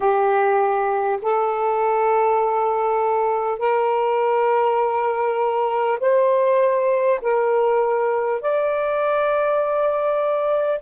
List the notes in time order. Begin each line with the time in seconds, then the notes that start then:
0.00 G4
1.22 A4
3.58 A#4
5.99 C5
7.21 A#4
8.41 D5